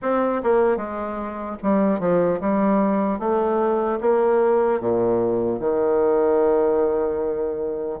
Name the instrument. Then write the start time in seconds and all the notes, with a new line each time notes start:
bassoon
0.01 C4
0.43 A#3
0.76 G#3
1.62 G3
1.99 F3
2.40 G3
3.19 A3
4.00 A#3
4.80 A#2
5.59 D#3